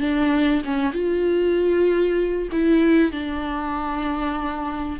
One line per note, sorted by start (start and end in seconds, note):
0.00 0.62 D4
0.64 0.92 C#4
0.92 2.48 F4
2.52 3.12 E4
3.12 4.99 D4